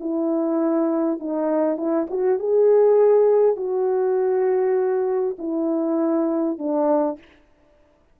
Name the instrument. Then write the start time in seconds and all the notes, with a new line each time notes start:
horn
0.00 E4
1.20 D#4
1.77 E4
2.10 F#4
2.39 G#4
3.56 F#4
5.38 E4
6.58 D4